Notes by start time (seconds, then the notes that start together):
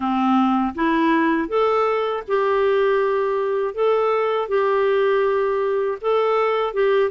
0.00 C4
0.74 E4
1.48 A4
2.27 G4
3.74 A4
4.48 G4
6.01 A4
6.73 G4